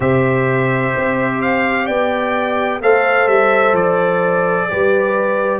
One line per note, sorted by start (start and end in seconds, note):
0.00 0.93 C3
0.00 2.81 G4
0.00 1.84 C5
0.00 1.41 E5
0.96 1.88 C4
1.41 1.86 F5
1.84 2.81 B3
1.84 2.78 D5
1.84 2.80 G5
2.81 3.27 A3
2.81 4.69 A4
2.81 4.70 C5
2.81 3.28 F5
3.27 3.72 G3
3.27 3.74 E5
3.72 4.66 F3
3.72 5.59 D5
4.69 5.59 G3
4.69 5.59 G4
4.69 5.59 B4